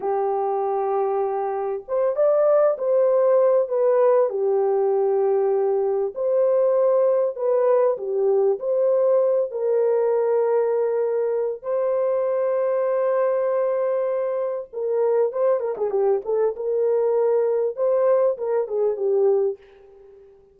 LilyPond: \new Staff \with { instrumentName = "horn" } { \time 4/4 \tempo 4 = 98 g'2. c''8 d''8~ | d''8 c''4. b'4 g'4~ | g'2 c''2 | b'4 g'4 c''4. ais'8~ |
ais'2. c''4~ | c''1 | ais'4 c''8 ais'16 gis'16 g'8 a'8 ais'4~ | ais'4 c''4 ais'8 gis'8 g'4 | }